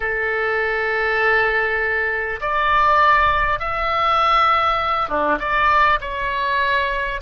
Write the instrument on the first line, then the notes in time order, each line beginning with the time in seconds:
oboe
0.00 A4
2.40 D5
3.59 E5
5.08 D4
5.39 D5
6.01 C#5